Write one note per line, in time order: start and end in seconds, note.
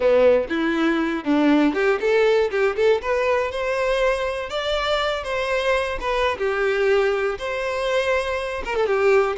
0.00 0.47 B3
0.49 1.24 E4
1.24 1.74 D4
1.74 1.99 G4
2.00 2.50 A4
2.50 2.75 G4
2.76 3.01 A4
3.01 3.51 B4
3.51 4.49 C5
4.49 5.23 D5
5.23 5.98 C5
6.00 6.38 B4
6.38 7.38 G4
7.38 8.63 C5
8.64 8.75 A#4
8.75 8.86 A4
8.86 9.36 G4